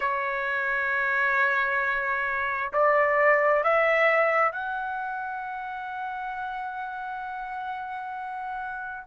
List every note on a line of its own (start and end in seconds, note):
0.00 2.72 C#5
2.73 3.63 D5
3.63 4.52 E5
4.52 9.06 F#5